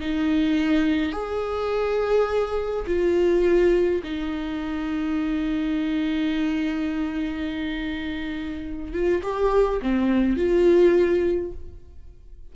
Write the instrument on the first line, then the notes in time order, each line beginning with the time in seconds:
viola
0.00 D#4
1.12 G#4
2.87 F4
4.04 D#4
8.93 F4
9.23 G4
9.82 C4
10.37 F4